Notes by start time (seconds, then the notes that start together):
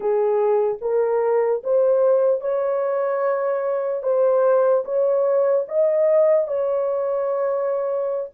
0.00 G#4
0.81 A#4
1.63 C5
2.40 C#5
4.02 C5
4.84 C#5
5.68 D#5
6.47 C#5